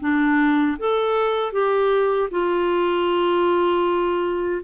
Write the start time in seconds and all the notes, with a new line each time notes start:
0.00 D4
0.79 A4
1.52 G4
2.30 F4